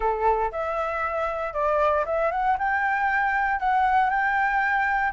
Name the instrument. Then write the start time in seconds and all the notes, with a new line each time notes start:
flute
0.00 A4
0.51 E5
1.53 D5
2.05 E5
2.31 F#5
2.58 G5
3.59 F#5
4.10 G5